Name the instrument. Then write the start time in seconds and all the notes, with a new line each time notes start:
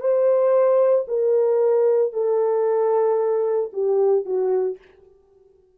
horn
0.00 C5
1.07 A#4
2.12 A4
3.73 G4
4.25 F#4